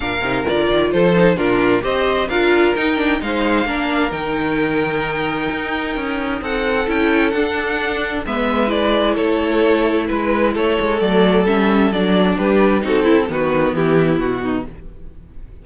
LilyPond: <<
  \new Staff \with { instrumentName = "violin" } { \time 4/4 \tempo 4 = 131 f''4 d''4 c''4 ais'4 | dis''4 f''4 g''4 f''4~ | f''4 g''2.~ | g''2 fis''4 g''4 |
fis''2 e''4 d''4 | cis''2 b'4 cis''4 | d''4 e''4 d''4 b'4 | a'4 b'4 g'4 fis'4 | }
  \new Staff \with { instrumentName = "violin" } { \time 4/4 ais'2 a'4 f'4 | c''4 ais'2 c''4 | ais'1~ | ais'2 a'2~ |
a'2 b'2 | a'2 b'4 a'4~ | a'2. g'4 | fis'8 e'8 fis'4 e'4. dis'8 | }
  \new Staff \with { instrumentName = "viola" } { \time 4/4 d'8 dis'8 f'4. dis'8 d'4 | g'4 f'4 dis'8 d'8 dis'4 | d'4 dis'2.~ | dis'2. e'4 |
d'2 b4 e'4~ | e'1 | a4 cis'4 d'2 | dis'8 e'8 b2. | }
  \new Staff \with { instrumentName = "cello" } { \time 4/4 ais,8 c8 d8 dis8 f4 ais,4 | c'4 d'4 dis'4 gis4 | ais4 dis2. | dis'4 cis'4 c'4 cis'4 |
d'2 gis2 | a2 gis4 a8 gis8 | fis4 g4 fis4 g4 | c'4 dis4 e4 b,4 | }
>>